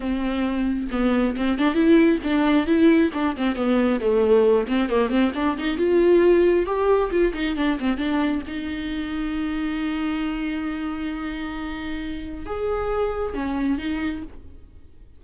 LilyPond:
\new Staff \with { instrumentName = "viola" } { \time 4/4 \tempo 4 = 135 c'2 b4 c'8 d'8 | e'4 d'4 e'4 d'8 c'8 | b4 a4. c'8 ais8 c'8 | d'8 dis'8 f'2 g'4 |
f'8 dis'8 d'8 c'8 d'4 dis'4~ | dis'1~ | dis'1 | gis'2 cis'4 dis'4 | }